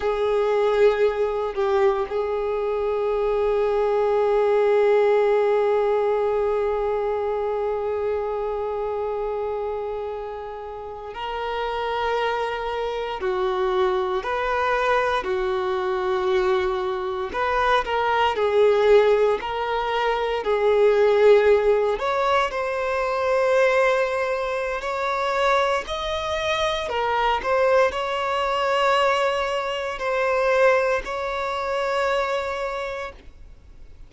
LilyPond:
\new Staff \with { instrumentName = "violin" } { \time 4/4 \tempo 4 = 58 gis'4. g'8 gis'2~ | gis'1~ | gis'2~ gis'8. ais'4~ ais'16~ | ais'8. fis'4 b'4 fis'4~ fis'16~ |
fis'8. b'8 ais'8 gis'4 ais'4 gis'16~ | gis'4~ gis'16 cis''8 c''2~ c''16 | cis''4 dis''4 ais'8 c''8 cis''4~ | cis''4 c''4 cis''2 | }